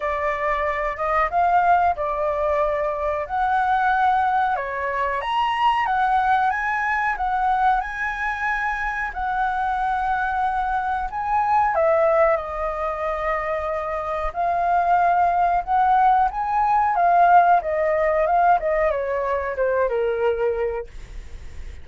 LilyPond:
\new Staff \with { instrumentName = "flute" } { \time 4/4 \tempo 4 = 92 d''4. dis''8 f''4 d''4~ | d''4 fis''2 cis''4 | ais''4 fis''4 gis''4 fis''4 | gis''2 fis''2~ |
fis''4 gis''4 e''4 dis''4~ | dis''2 f''2 | fis''4 gis''4 f''4 dis''4 | f''8 dis''8 cis''4 c''8 ais'4. | }